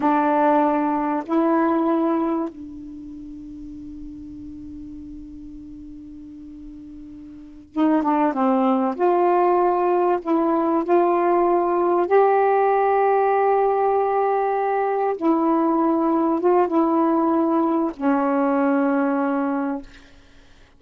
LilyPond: \new Staff \with { instrumentName = "saxophone" } { \time 4/4 \tempo 4 = 97 d'2 e'2 | d'1~ | d'1~ | d'8 dis'8 d'8 c'4 f'4.~ |
f'8 e'4 f'2 g'8~ | g'1~ | g'8 e'2 f'8 e'4~ | e'4 cis'2. | }